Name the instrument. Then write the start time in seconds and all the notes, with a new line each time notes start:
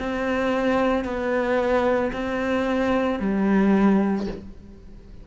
cello
0.00 C4
1.04 B3
2.13 C4
3.20 G3